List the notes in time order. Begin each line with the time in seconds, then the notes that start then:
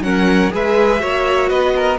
0.00 F#3 C#4 A#4 F#5
0.50 G#3 G#4 B4 E5
0.99 A#3 F#4 C#5
1.49 B3 B4 D#5
1.75 A#4